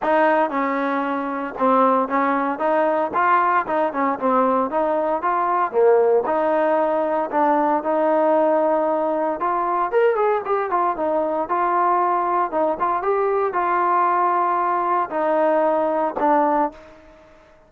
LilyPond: \new Staff \with { instrumentName = "trombone" } { \time 4/4 \tempo 4 = 115 dis'4 cis'2 c'4 | cis'4 dis'4 f'4 dis'8 cis'8 | c'4 dis'4 f'4 ais4 | dis'2 d'4 dis'4~ |
dis'2 f'4 ais'8 gis'8 | g'8 f'8 dis'4 f'2 | dis'8 f'8 g'4 f'2~ | f'4 dis'2 d'4 | }